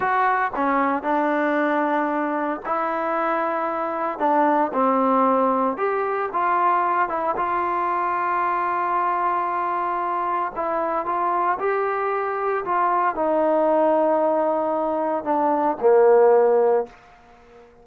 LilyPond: \new Staff \with { instrumentName = "trombone" } { \time 4/4 \tempo 4 = 114 fis'4 cis'4 d'2~ | d'4 e'2. | d'4 c'2 g'4 | f'4. e'8 f'2~ |
f'1 | e'4 f'4 g'2 | f'4 dis'2.~ | dis'4 d'4 ais2 | }